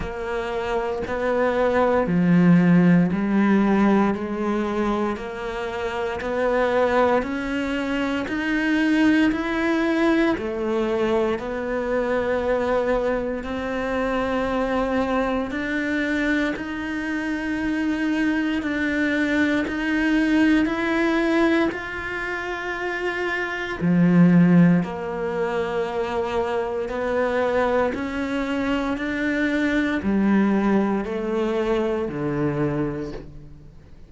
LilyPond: \new Staff \with { instrumentName = "cello" } { \time 4/4 \tempo 4 = 58 ais4 b4 f4 g4 | gis4 ais4 b4 cis'4 | dis'4 e'4 a4 b4~ | b4 c'2 d'4 |
dis'2 d'4 dis'4 | e'4 f'2 f4 | ais2 b4 cis'4 | d'4 g4 a4 d4 | }